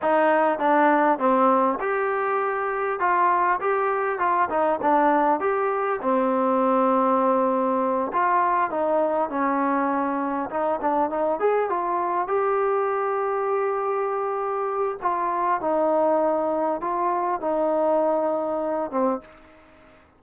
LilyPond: \new Staff \with { instrumentName = "trombone" } { \time 4/4 \tempo 4 = 100 dis'4 d'4 c'4 g'4~ | g'4 f'4 g'4 f'8 dis'8 | d'4 g'4 c'2~ | c'4. f'4 dis'4 cis'8~ |
cis'4. dis'8 d'8 dis'8 gis'8 f'8~ | f'8 g'2.~ g'8~ | g'4 f'4 dis'2 | f'4 dis'2~ dis'8 c'8 | }